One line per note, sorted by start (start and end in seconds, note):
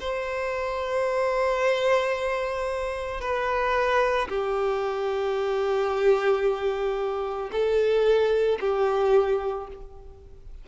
0.00 3.21 C5
3.21 4.28 B4
4.29 7.50 G4
7.51 8.59 A4
8.60 9.67 G4